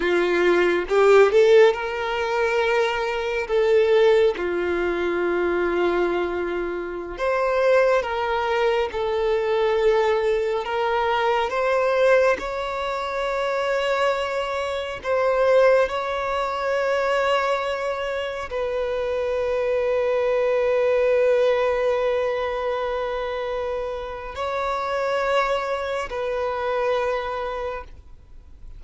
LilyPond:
\new Staff \with { instrumentName = "violin" } { \time 4/4 \tempo 4 = 69 f'4 g'8 a'8 ais'2 | a'4 f'2.~ | f'16 c''4 ais'4 a'4.~ a'16~ | a'16 ais'4 c''4 cis''4.~ cis''16~ |
cis''4~ cis''16 c''4 cis''4.~ cis''16~ | cis''4~ cis''16 b'2~ b'8.~ | b'1 | cis''2 b'2 | }